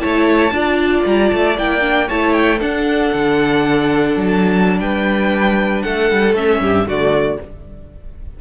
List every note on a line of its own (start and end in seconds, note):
0.00 0.52 A3
0.00 0.52 E4
0.00 0.54 C#5
0.00 1.04 A5
0.52 1.04 D4
0.52 1.57 F4
0.52 2.08 D5
1.06 1.32 G3
1.06 1.30 A#5
1.30 1.58 A3
1.30 1.56 A5
1.58 2.10 A#3
1.58 1.82 E4
1.58 2.09 G5
1.82 2.08 D4
2.08 2.62 A3
2.08 2.59 E4
2.08 2.59 C#5
2.08 2.34 A5
2.34 2.59 G5
2.59 6.34 D4
2.59 3.14 D4
2.59 4.79 A4
2.59 4.27 F#5
3.14 4.17 D3
4.17 4.80 F#3
4.27 4.79 A5
4.80 5.84 G3
4.80 5.84 B4
4.80 5.82 G5
5.82 6.11 A3
5.82 6.62 A4
5.82 6.34 F#5
6.11 6.34 G3
6.34 6.59 A3
6.34 6.87 C#4
6.34 6.88 E5
6.61 6.86 G2
6.61 6.88 G4
6.86 7.38 D3
6.86 7.41 A3
6.86 7.40 F#4
6.86 7.41 D5